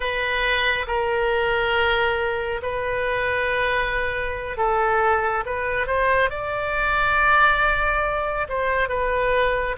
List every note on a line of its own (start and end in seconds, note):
0.00 0.86 B4
0.87 2.61 A#4
2.62 4.57 B4
4.57 5.43 A4
5.45 5.87 B4
5.87 6.30 C5
6.30 8.47 D5
8.48 8.89 C5
8.89 9.75 B4